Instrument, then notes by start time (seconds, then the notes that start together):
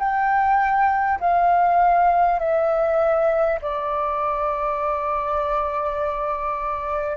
flute
0.00 G5
1.21 F5
2.39 E5
3.62 D5